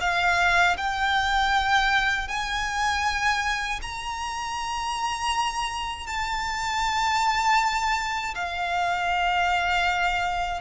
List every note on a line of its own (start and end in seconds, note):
0.00 0.76 F5
0.77 2.28 G5
2.28 3.79 G#5
3.81 6.06 A#5
6.06 8.34 A5
8.34 10.61 F5